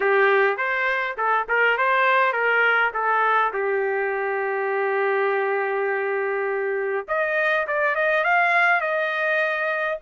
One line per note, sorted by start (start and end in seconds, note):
0.00 0.57 G4
0.57 1.16 C5
1.17 1.46 A4
1.48 1.77 A#4
1.77 2.32 C5
2.32 2.91 A#4
2.93 3.52 A4
3.53 7.06 G4
7.07 7.66 D#5
7.67 7.95 D5
7.95 8.24 D#5
8.24 8.80 F5
8.80 9.98 D#5